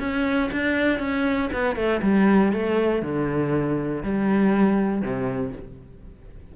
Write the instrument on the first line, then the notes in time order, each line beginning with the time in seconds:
cello
0.00 C#4
0.52 D4
1.00 C#4
1.53 B3
1.76 A3
2.03 G3
2.53 A3
3.03 D3
4.03 G3
5.02 C3